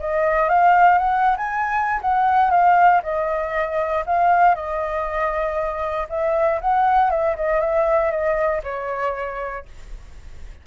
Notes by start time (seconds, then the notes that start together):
0.00 D#5
0.49 F5
0.98 F#5
1.38 G#5
2.02 F#5
2.51 F5
3.03 D#5
4.07 F5
4.55 D#5
6.10 E5
6.61 F#5
7.11 E5
7.37 D#5
7.61 E5
8.11 D#5
8.64 C#5